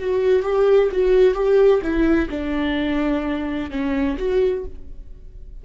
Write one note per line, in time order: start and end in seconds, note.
0.00 0.43 F#4
0.43 0.90 G4
0.92 1.35 F#4
1.35 1.82 G4
1.82 2.29 E4
2.30 3.71 D4
3.71 4.18 C#4
4.18 4.65 F#4